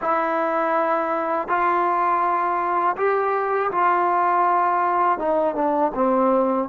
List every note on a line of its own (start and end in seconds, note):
0.01 1.47 E4
1.47 2.96 F4
2.96 3.70 G4
3.71 5.18 F4
5.18 5.55 D#4
5.55 5.92 D4
5.94 6.68 C4